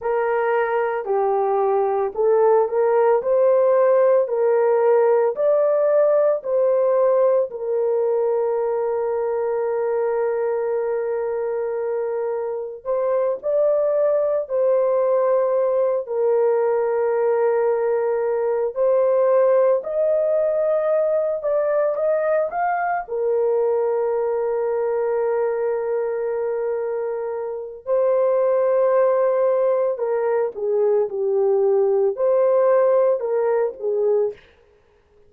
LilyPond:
\new Staff \with { instrumentName = "horn" } { \time 4/4 \tempo 4 = 56 ais'4 g'4 a'8 ais'8 c''4 | ais'4 d''4 c''4 ais'4~ | ais'1 | c''8 d''4 c''4. ais'4~ |
ais'4. c''4 dis''4. | d''8 dis''8 f''8 ais'2~ ais'8~ | ais'2 c''2 | ais'8 gis'8 g'4 c''4 ais'8 gis'8 | }